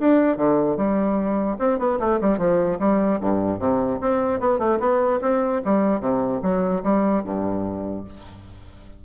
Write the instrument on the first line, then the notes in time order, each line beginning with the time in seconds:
bassoon
0.00 D4
0.37 D3
0.77 G3
1.59 C4
1.79 B3
2.00 A3
2.21 G3
2.38 F3
2.80 G3
3.21 G2
3.59 C3
4.01 C4
4.40 B3
4.59 A3
4.80 B3
5.21 C4
5.65 G3
6.01 C3
6.43 F#3
6.84 G3
7.24 G2